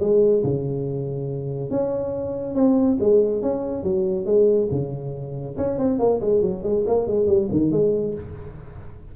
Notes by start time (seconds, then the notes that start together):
0.00 G#3
0.43 C#3
1.70 C#4
2.55 C4
3.00 G#3
3.42 C#4
3.83 F#3
4.25 G#3
4.71 C#3
5.57 C#4
5.78 C4
5.99 A#3
6.21 G#3
6.41 F#3
6.63 G#3
6.86 A#3
7.07 G#3
7.27 G3
7.51 D#3
7.71 G#3